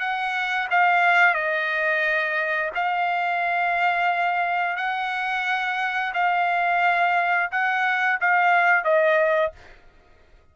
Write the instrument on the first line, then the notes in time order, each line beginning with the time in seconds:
trumpet
0.00 F#5
0.71 F5
1.35 D#5
2.75 F5
4.77 F#5
6.14 F5
7.52 F#5
8.21 F5
8.85 D#5